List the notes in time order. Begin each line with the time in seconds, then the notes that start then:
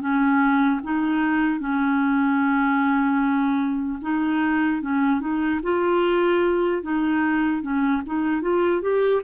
0.00 C#4
0.83 D#4
1.59 C#4
4.01 D#4
4.81 C#4
5.20 D#4
5.63 F4
6.82 D#4
7.62 C#4
8.06 D#4
8.41 F4
8.81 G4